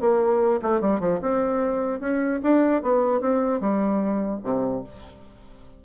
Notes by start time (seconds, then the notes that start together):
0.00 A#3
0.62 A3
0.81 G3
1.00 F3
1.21 C4
2.00 C#4
2.43 D4
2.82 B3
3.20 C4
3.60 G3
4.43 C3